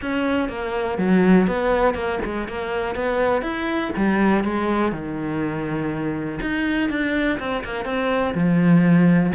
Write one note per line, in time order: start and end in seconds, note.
0.01 0.48 C#4
0.48 0.97 A#3
0.98 1.47 F#3
1.47 1.94 B3
1.94 2.19 A#3
2.24 2.48 G#3
2.48 2.95 A#3
2.95 3.42 B3
3.42 3.91 E4
3.96 4.44 G3
4.44 4.92 G#3
4.92 6.39 D#3
6.41 6.89 D#4
6.89 7.38 D4
7.39 7.63 C4
7.64 7.84 A#3
7.84 8.33 C4
8.34 9.32 F3